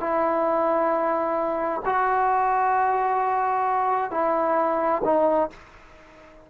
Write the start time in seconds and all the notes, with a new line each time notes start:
0.00 E4
1.86 F#4
4.11 E4
5.05 D#4